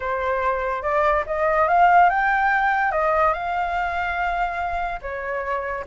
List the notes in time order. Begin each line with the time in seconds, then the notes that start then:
0.00 C5
0.82 D5
1.26 D#5
1.68 F5
2.09 G5
2.91 D#5
3.33 F5
5.01 C#5